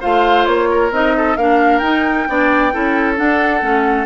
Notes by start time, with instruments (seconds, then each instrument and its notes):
0.00 bassoon A3, clarinet F4, oboe C5, flute F5
0.45 bassoon A#3, flute C#5
0.71 oboe A#4
0.91 bassoon C4, clarinet D#4, flute D#5
1.17 oboe A4
1.36 bassoon A#3, clarinet D4, oboe A#4, flute F5
1.78 bassoon D#4, clarinet D#4, flute G5
2.28 bassoon B3, clarinet D4, oboe D5
2.72 bassoon C#4, clarinet E4, oboe A4
3.16 clarinet D4, bassoon D4, flute F#5
3.61 bassoon A3, clarinet C#4